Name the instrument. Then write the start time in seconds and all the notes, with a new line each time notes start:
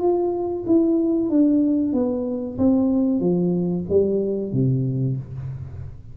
tuba
0.00 F4
0.66 E4
1.30 D4
1.93 B3
2.58 C4
3.20 F3
3.89 G3
4.52 C3